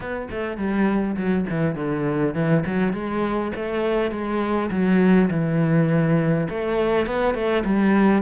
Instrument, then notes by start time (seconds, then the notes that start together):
cello
0.00 B3
0.30 A3
0.57 G3
1.16 F#3
1.49 E3
1.75 D3
2.34 E3
2.66 F#3
2.93 G#3
3.55 A3
4.11 G#3
4.70 F#3
5.30 E3
6.49 A3
7.06 B3
7.34 A3
7.64 G3